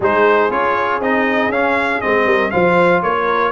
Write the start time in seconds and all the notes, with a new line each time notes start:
0.00 G#3 D#4 G#4 C5
0.50 C#4 F4 C#5
1.00 C4 D#4 D#5
1.49 C#4 F5
2.01 G#3 C4 D#5
2.25 G3 A#4
2.50 F3 F4 C5 F5
3.02 A#3 A#4 C#5